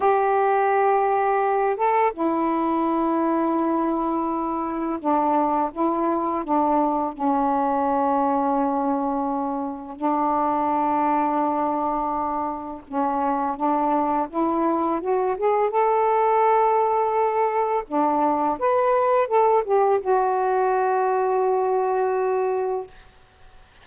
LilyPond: \new Staff \with { instrumentName = "saxophone" } { \time 4/4 \tempo 4 = 84 g'2~ g'8 a'8 e'4~ | e'2. d'4 | e'4 d'4 cis'2~ | cis'2 d'2~ |
d'2 cis'4 d'4 | e'4 fis'8 gis'8 a'2~ | a'4 d'4 b'4 a'8 g'8 | fis'1 | }